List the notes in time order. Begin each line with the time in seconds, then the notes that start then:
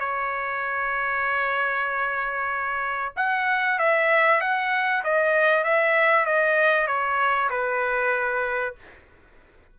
0.00 C#5
3.16 F#5
3.79 E5
4.41 F#5
5.04 D#5
5.64 E5
6.26 D#5
6.87 C#5
7.50 B4